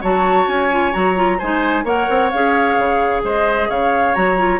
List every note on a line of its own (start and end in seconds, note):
0.00 0.47 F#3
0.00 0.71 F#4
0.00 1.37 C#5
0.00 0.48 A5
0.47 0.93 C#4
0.47 0.93 G#5
0.71 0.92 F4
0.92 1.40 F#3
0.92 1.15 F#4
0.92 1.39 A#5
1.15 1.38 F4
1.38 1.83 G#3
1.38 1.85 D#4
1.38 1.84 C5
1.38 1.85 G#5
1.83 2.06 A#3
1.83 2.31 A#4
1.83 3.22 C#5
1.83 2.30 F#5
2.09 2.32 C4
2.30 2.77 C#4
2.30 4.14 G#4
2.30 3.21 F5
2.77 3.23 C#3
3.23 3.69 G#3
3.23 3.69 C5
3.23 3.70 D#5
3.69 4.15 C#3
3.69 4.59 C#5
3.69 4.14 F5
4.14 4.59 F#3
4.14 4.37 F#4
4.14 4.59 A#5
4.37 4.59 F4